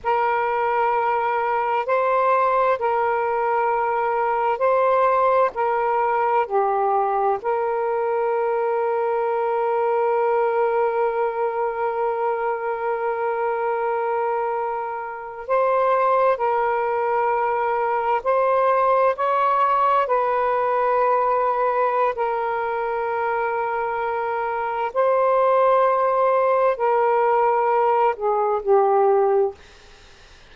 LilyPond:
\new Staff \with { instrumentName = "saxophone" } { \time 4/4 \tempo 4 = 65 ais'2 c''4 ais'4~ | ais'4 c''4 ais'4 g'4 | ais'1~ | ais'1~ |
ais'8. c''4 ais'2 c''16~ | c''8. cis''4 b'2~ b'16 | ais'2. c''4~ | c''4 ais'4. gis'8 g'4 | }